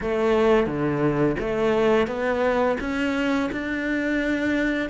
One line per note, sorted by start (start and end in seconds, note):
0.00 0.66 A3
0.66 1.36 D3
1.39 2.07 A3
2.07 2.77 B3
2.80 3.50 C#4
3.51 4.89 D4